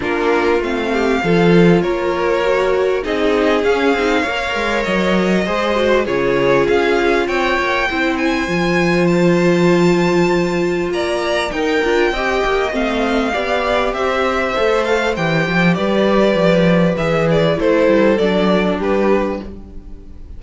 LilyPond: <<
  \new Staff \with { instrumentName = "violin" } { \time 4/4 \tempo 4 = 99 ais'4 f''2 cis''4~ | cis''4 dis''4 f''2 | dis''2 cis''4 f''4 | g''4. gis''4. a''4~ |
a''2 ais''4 g''4~ | g''4 f''2 e''4~ | e''8 f''8 g''4 d''2 | e''8 d''8 c''4 d''4 b'4 | }
  \new Staff \with { instrumentName = "violin" } { \time 4/4 f'4. g'8 a'4 ais'4~ | ais'4 gis'2 cis''4~ | cis''4 c''4 gis'2 | cis''4 c''2.~ |
c''2 d''4 ais'4 | dis''2 d''4 c''4~ | c''2 b'2~ | b'4 a'2 g'4 | }
  \new Staff \with { instrumentName = "viola" } { \time 4/4 d'4 c'4 f'2 | fis'4 dis'4 cis'8 dis'8 ais'4~ | ais'4 gis'8 fis'8 f'2~ | f'4 e'4 f'2~ |
f'2. dis'8 f'8 | g'4 c'4 g'2 | a'4 g'2. | gis'4 e'4 d'2 | }
  \new Staff \with { instrumentName = "cello" } { \time 4/4 ais4 a4 f4 ais4~ | ais4 c'4 cis'8 c'8 ais8 gis8 | fis4 gis4 cis4 cis'4 | c'8 ais8 c'4 f2~ |
f2 ais4 dis'8 d'8 | c'8 ais8 a4 b4 c'4 | a4 e8 f8 g4 f4 | e4 a8 g8 fis4 g4 | }
>>